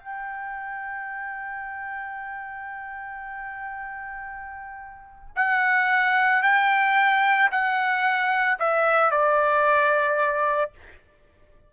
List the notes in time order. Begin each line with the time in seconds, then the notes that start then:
0.00 G5
5.36 F#5
6.43 G5
7.51 F#5
8.60 E5
9.11 D5